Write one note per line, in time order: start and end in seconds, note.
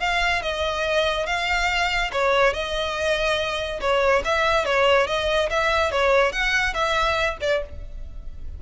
0.00 0.42 F5
0.42 1.27 D#5
1.27 2.11 F5
2.12 2.54 C#5
2.54 3.80 D#5
3.81 4.23 C#5
4.25 4.65 E5
4.65 5.07 C#5
5.07 5.49 D#5
5.50 5.92 E5
5.92 6.32 C#5
6.32 6.74 F#5
6.74 7.38 E5
7.41 7.62 D5